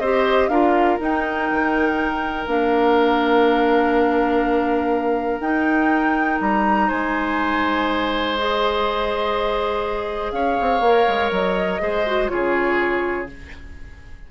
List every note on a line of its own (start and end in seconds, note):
0.00 0.49 C4
0.00 0.52 G4
0.00 0.50 C5
0.00 0.49 D#5
0.49 0.98 D4
0.49 0.99 F4
0.49 6.88 A#4
0.49 0.98 F5
0.99 2.47 D#4
0.99 1.51 D#4
0.99 2.47 G5
1.51 2.47 D#3
2.47 5.40 A#3
2.47 5.42 D4
2.47 5.41 F5
5.40 6.39 D#4
5.40 8.37 D#4
5.40 6.39 G5
6.41 6.90 G3
6.41 6.90 A#5
6.88 10.32 G#3
6.88 10.32 C5
6.88 8.38 G#5
8.38 10.84 G#4
8.38 10.32 D#5
10.32 10.57 C#4
10.32 11.82 C#5
10.32 11.30 F5
10.61 10.81 C4
10.81 11.05 A#3
10.81 11.80 A#4
11.08 11.32 G#3
11.32 11.81 F#3
11.32 12.29 D#5
11.80 12.31 G#3
11.80 12.05 G#4
11.80 12.31 C5
12.07 12.29 F#4
12.29 13.31 C#3
12.29 13.27 F4
12.29 13.31 G#4
12.29 13.27 C#5